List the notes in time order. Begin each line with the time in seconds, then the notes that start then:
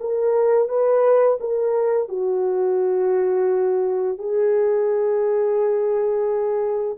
0.00 A#4
0.68 B4
1.40 A#4
2.09 F#4
4.18 G#4